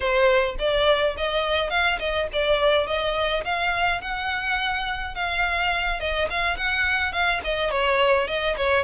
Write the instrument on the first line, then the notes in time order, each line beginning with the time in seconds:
violin
0.00 C5
0.58 D5
1.17 D#5
1.70 F5
1.99 D#5
2.32 D5
2.86 D#5
3.44 F5
4.01 F#5
5.14 F5
5.99 D#5
6.29 F5
6.56 F#5
7.12 F5
7.44 D#5
7.70 C#5
8.27 D#5
8.56 C#5